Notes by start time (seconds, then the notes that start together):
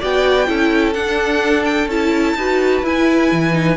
0.00 B3 F#4 D5 G5
0.47 C#4 E4 A4
0.94 D4 F#5
1.65 G5
1.87 C#4 E4 A5
2.35 D#4 F#4 B4
2.83 E4 G#5
3.32 E3
3.53 D#4